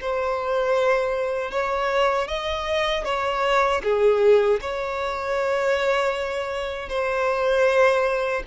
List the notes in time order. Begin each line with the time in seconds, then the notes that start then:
0.00 C5
1.51 C#5
2.27 D#5
3.04 C#5
3.83 G#4
4.60 C#5
6.88 C5